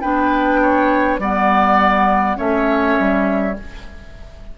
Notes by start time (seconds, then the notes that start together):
0.00 B3 D4 B4 G5
0.61 C#5
1.18 G3 B3 D5 F#5
2.36 A3 C#4 C#5 E5
2.99 G3